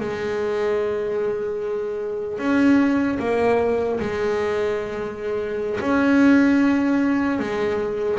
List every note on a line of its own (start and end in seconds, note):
0.00 2.39 G#3
2.39 3.19 C#4
3.19 3.99 A#3
4.00 5.80 G#3
5.80 7.39 C#4
7.39 8.19 G#3